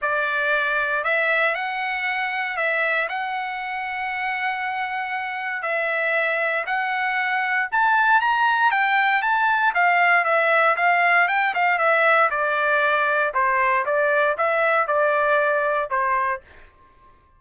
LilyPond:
\new Staff \with { instrumentName = "trumpet" } { \time 4/4 \tempo 4 = 117 d''2 e''4 fis''4~ | fis''4 e''4 fis''2~ | fis''2. e''4~ | e''4 fis''2 a''4 |
ais''4 g''4 a''4 f''4 | e''4 f''4 g''8 f''8 e''4 | d''2 c''4 d''4 | e''4 d''2 c''4 | }